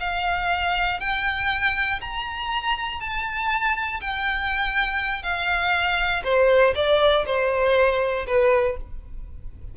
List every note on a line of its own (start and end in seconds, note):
0.00 1.00 F5
1.00 2.00 G5
2.01 3.00 A#5
3.00 4.00 A5
4.01 5.23 G5
5.23 6.23 F5
6.24 6.74 C5
6.75 7.25 D5
7.26 8.26 C5
8.27 8.77 B4